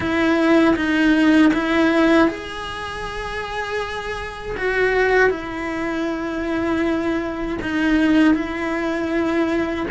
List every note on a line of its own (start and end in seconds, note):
0.00 0.75 E4
0.76 1.52 D#4
1.53 2.28 E4
2.28 4.56 G#4
4.57 5.30 F#4
5.30 7.57 E4
7.62 8.34 D#4
8.34 9.86 E4